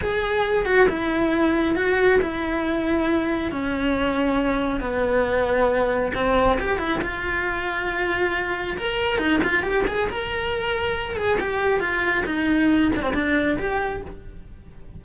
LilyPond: \new Staff \with { instrumentName = "cello" } { \time 4/4 \tempo 4 = 137 gis'4. fis'8 e'2 | fis'4 e'2. | cis'2. b4~ | b2 c'4 g'8 e'8 |
f'1 | ais'4 dis'8 f'8 g'8 gis'8 ais'4~ | ais'4. gis'8 g'4 f'4 | dis'4. d'16 c'16 d'4 g'4 | }